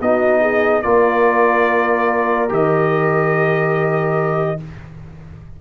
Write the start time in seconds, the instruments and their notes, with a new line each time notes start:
0.00 tuba B3, trombone D#4, horn F#4, trumpet D#5
0.41 horn G#4
0.82 tuba A#3, trombone F4, horn A#4, trumpet D5
2.49 tuba D#3, trombone G4, trumpet D#5